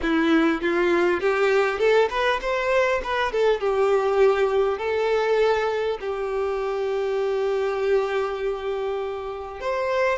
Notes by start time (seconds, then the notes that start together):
0.02 E4
0.61 F4
1.20 G4
1.78 A4
2.10 B4
2.41 C5
3.03 B4
3.32 A4
3.60 G4
4.78 A4
6.00 G4
9.60 C5